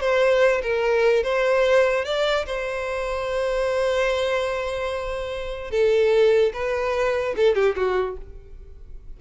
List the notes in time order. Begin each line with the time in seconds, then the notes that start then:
0.00 C5
0.62 A#4
1.23 C5
2.04 D5
2.46 C5
5.71 A4
6.53 B4
7.36 A4
7.54 G4
7.76 F#4